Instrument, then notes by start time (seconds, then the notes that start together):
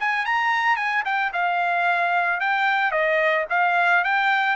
trumpet
0.00 G#5
0.26 A#5
0.77 G#5
1.05 G5
1.33 F5
2.41 G5
2.92 D#5
3.50 F5
4.04 G5